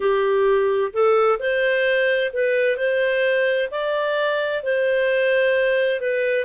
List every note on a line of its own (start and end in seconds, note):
0.00 0.91 G4
0.92 1.38 A4
1.39 2.31 C5
2.32 2.77 B4
2.77 3.69 C5
3.70 4.63 D5
4.63 6.00 C5
6.00 6.44 B4